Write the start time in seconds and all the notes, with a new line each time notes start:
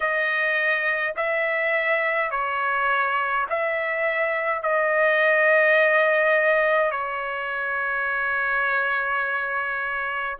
0.00 D#5
1.16 E5
2.31 C#5
3.49 E5
4.62 D#5
6.91 C#5